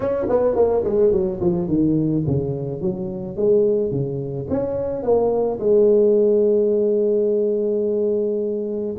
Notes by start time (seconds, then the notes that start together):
0.00 C#4
0.29 B3
0.55 A#3
0.83 G#3
1.12 F#3
1.40 F3
1.68 D#3
2.26 C#3
2.81 F#3
3.36 G#3
3.91 C#3
4.50 C#4
5.03 A#3
5.59 G#3